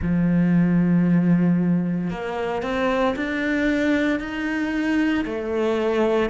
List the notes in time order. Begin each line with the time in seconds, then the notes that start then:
0.01 F3
2.10 A#3
2.62 C4
3.16 D4
4.19 D#4
5.25 A3